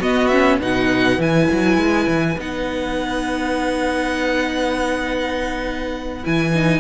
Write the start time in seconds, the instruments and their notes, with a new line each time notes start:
0.00 cello B3, viola B3, violin F#4 D#5
0.28 viola C#4, violin E5
0.59 cello B2, viola D#4, violin B4 F#5
1.18 cello E3, viola E4, violin G#5
1.52 cello F#3
1.77 cello G#3
2.08 cello E3
2.38 cello B3, viola D#4, violin F#5
6.24 cello E3, viola E4, violin G#5
6.55 viola D#4